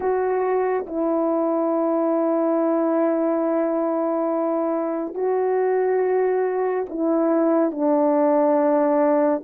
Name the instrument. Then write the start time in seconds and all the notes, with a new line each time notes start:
horn
0.00 F#4
0.86 E4
5.14 F#4
6.89 E4
7.71 D4